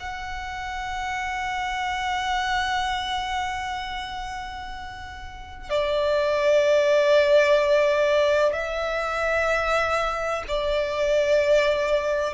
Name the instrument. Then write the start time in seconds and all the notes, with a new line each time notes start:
violin
0.00 F#5
5.70 D5
8.53 E5
10.48 D5